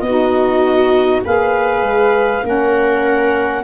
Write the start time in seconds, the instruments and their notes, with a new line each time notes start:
0.00 tuba B3, saxophone D#4, clarinet D#5
0.07 viola F#4
1.24 tuba A#3, saxophone G#4, viola B4, clarinet F5
1.81 tuba G#3
2.43 tuba A#3, saxophone C#4, viola A#4, clarinet F#5